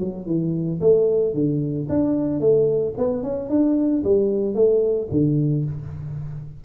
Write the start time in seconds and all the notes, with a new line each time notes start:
0.00 F#3
0.27 E3
0.81 A3
1.34 D3
1.90 D4
2.41 A3
2.98 B3
3.23 C#4
3.50 D4
4.04 G3
4.55 A3
5.12 D3